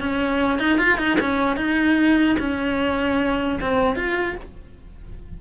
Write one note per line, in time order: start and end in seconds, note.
0.00 0.59 C#4
0.59 0.78 D#4
0.78 0.98 F4
0.98 1.18 D#4
1.20 1.56 C#4
1.56 2.36 D#4
2.39 3.59 C#4
3.61 3.96 C4
3.96 4.36 F4